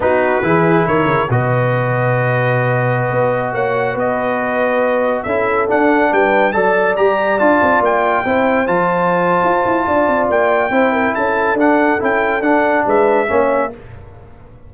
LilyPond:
<<
  \new Staff \with { instrumentName = "trumpet" } { \time 4/4 \tempo 4 = 140 b'2 cis''4 dis''4~ | dis''1~ | dis''16 fis''4 dis''2~ dis''8.~ | dis''16 e''4 fis''4 g''4 a''8.~ |
a''16 ais''4 a''4 g''4.~ g''16~ | g''16 a''2.~ a''8. | g''2 a''4 fis''4 | g''4 fis''4 e''2 | }
  \new Staff \with { instrumentName = "horn" } { \time 4/4 fis'4 gis'4 ais'4 b'4~ | b'1~ | b'16 cis''4 b'2~ b'8.~ | b'16 a'2 b'4 d''8.~ |
d''2.~ d''16 c''8.~ | c''2. d''4~ | d''4 c''8 ais'8 a'2~ | a'2 b'4 cis''4 | }
  \new Staff \with { instrumentName = "trombone" } { \time 4/4 dis'4 e'2 fis'4~ | fis'1~ | fis'1~ | fis'16 e'4 d'2 a'8.~ |
a'16 g'4 f'2 e'8.~ | e'16 f'2.~ f'8.~ | f'4 e'2 d'4 | e'4 d'2 cis'4 | }
  \new Staff \with { instrumentName = "tuba" } { \time 4/4 b4 e4 dis8 cis8 b,4~ | b,2.~ b,16 b8.~ | b16 ais4 b2~ b8.~ | b16 cis'4 d'4 g4 fis8.~ |
fis16 g4 d'8 c'8 ais4 c'8.~ | c'16 f4.~ f16 f'8 e'8 d'8 c'8 | ais4 c'4 cis'4 d'4 | cis'4 d'4 gis4 ais4 | }
>>